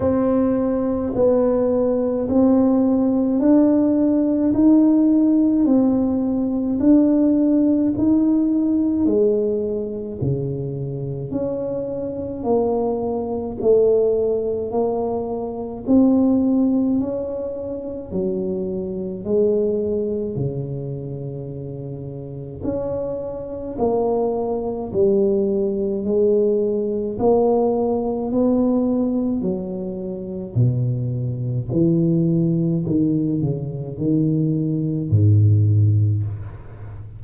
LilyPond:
\new Staff \with { instrumentName = "tuba" } { \time 4/4 \tempo 4 = 53 c'4 b4 c'4 d'4 | dis'4 c'4 d'4 dis'4 | gis4 cis4 cis'4 ais4 | a4 ais4 c'4 cis'4 |
fis4 gis4 cis2 | cis'4 ais4 g4 gis4 | ais4 b4 fis4 b,4 | e4 dis8 cis8 dis4 gis,4 | }